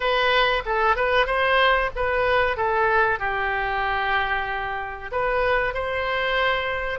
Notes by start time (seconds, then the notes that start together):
0.00 B4
0.65 A4
0.96 B4
1.26 C5
1.95 B4
2.56 A4
3.19 G4
5.11 B4
5.73 C5